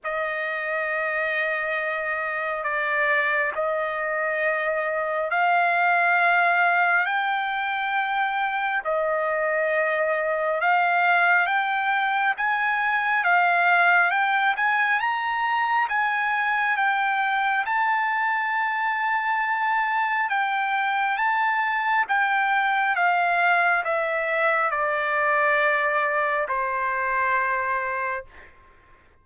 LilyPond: \new Staff \with { instrumentName = "trumpet" } { \time 4/4 \tempo 4 = 68 dis''2. d''4 | dis''2 f''2 | g''2 dis''2 | f''4 g''4 gis''4 f''4 |
g''8 gis''8 ais''4 gis''4 g''4 | a''2. g''4 | a''4 g''4 f''4 e''4 | d''2 c''2 | }